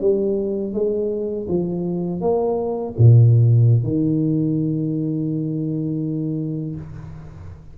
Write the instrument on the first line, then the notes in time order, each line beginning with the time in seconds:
tuba
0.00 G3
0.74 G#3
1.48 F3
2.21 A#3
2.98 A#2
3.83 D#3